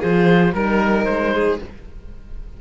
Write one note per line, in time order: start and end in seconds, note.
0.00 0.53 F3
0.00 0.54 F4
0.00 0.53 G#4
0.00 0.54 C5
0.53 1.06 G3
0.53 1.61 D#4
0.53 1.05 A#4
0.53 1.34 A#4
1.05 1.59 G#3
1.05 1.58 C5
1.34 1.61 G#4